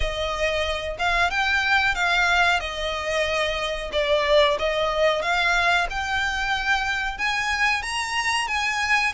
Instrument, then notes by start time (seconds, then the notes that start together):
violin
0.00 D#5
0.98 F5
1.30 G5
1.94 F5
2.60 D#5
3.92 D5
4.58 D#5
5.22 F5
5.89 G5
7.18 G#5
7.82 A#5
8.47 G#5